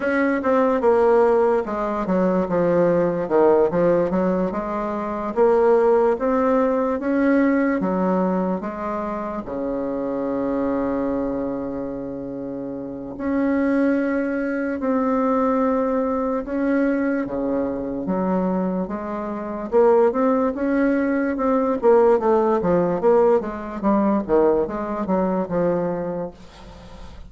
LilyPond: \new Staff \with { instrumentName = "bassoon" } { \time 4/4 \tempo 4 = 73 cis'8 c'8 ais4 gis8 fis8 f4 | dis8 f8 fis8 gis4 ais4 c'8~ | c'8 cis'4 fis4 gis4 cis8~ | cis1 |
cis'2 c'2 | cis'4 cis4 fis4 gis4 | ais8 c'8 cis'4 c'8 ais8 a8 f8 | ais8 gis8 g8 dis8 gis8 fis8 f4 | }